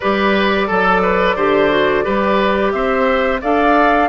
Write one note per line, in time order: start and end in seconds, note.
0.00 0.69 G3
0.00 0.69 G4
0.00 0.67 B4
0.00 2.71 D5
0.67 1.36 F#3
0.67 1.01 A4
0.67 1.37 A4
1.02 1.36 B4
1.36 2.04 D3
1.36 1.70 G4
1.36 2.04 C5
1.70 2.03 F#4
2.03 2.73 G3
2.03 3.39 G4
2.03 2.72 B4
2.71 3.41 C4
2.71 3.41 C5
2.71 3.40 E5
3.41 4.08 D4
3.41 4.08 A4
3.41 4.08 D5
3.41 4.08 F5